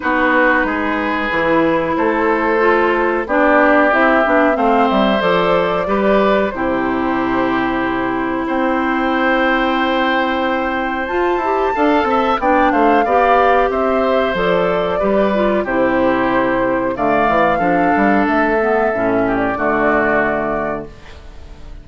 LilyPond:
<<
  \new Staff \with { instrumentName = "flute" } { \time 4/4 \tempo 4 = 92 b'2. c''4~ | c''4 d''4 e''4 f''8 e''8 | d''2 c''2~ | c''4 g''2.~ |
g''4 a''2 g''8 f''8~ | f''4 e''4 d''2 | c''2 f''2 | e''4.~ e''16 d''2~ d''16 | }
  \new Staff \with { instrumentName = "oboe" } { \time 4/4 fis'4 gis'2 a'4~ | a'4 g'2 c''4~ | c''4 b'4 g'2~ | g'4 c''2.~ |
c''2 f''8 e''8 d''8 c''8 | d''4 c''2 b'4 | g'2 d''4 a'4~ | a'4. g'8 fis'2 | }
  \new Staff \with { instrumentName = "clarinet" } { \time 4/4 dis'2 e'2 | f'4 d'4 e'8 d'8 c'4 | a'4 g'4 e'2~ | e'1~ |
e'4 f'8 g'8 a'4 d'4 | g'2 a'4 g'8 f'8 | e'2 a4 d'4~ | d'8 b8 cis'4 a2 | }
  \new Staff \with { instrumentName = "bassoon" } { \time 4/4 b4 gis4 e4 a4~ | a4 b4 c'8 b8 a8 g8 | f4 g4 c2~ | c4 c'2.~ |
c'4 f'8 e'8 d'8 c'8 b8 a8 | b4 c'4 f4 g4 | c2 d8 e8 f8 g8 | a4 a,4 d2 | }
>>